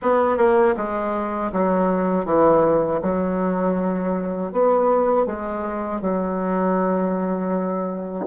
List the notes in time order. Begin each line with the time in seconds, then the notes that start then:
0.01 B3
0.37 A#3
0.76 G#3
1.52 F#3
2.25 E3
3.02 F#3
4.52 B3
5.26 G#3
6.01 F#3